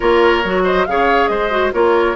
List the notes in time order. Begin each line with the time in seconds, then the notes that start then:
0.00 A#3 F4 A#4 C#5
0.44 F#3 F#4
0.64 C5 D#5
0.85 C#3 G#4 C#5 F5
1.27 G#3 C5 D#5
1.50 F#4
1.73 A#3 F4 A#4 C#5